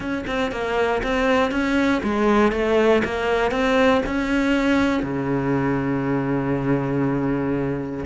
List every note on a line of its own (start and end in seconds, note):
0.00 0.25 C#4
0.26 0.51 C4
0.51 1.02 A#3
1.03 1.51 C4
1.51 2.01 C#4
2.03 2.52 G#3
2.52 3.02 A3
3.04 3.51 A#3
3.51 4.01 C4
4.05 5.02 C#4
5.02 8.05 C#3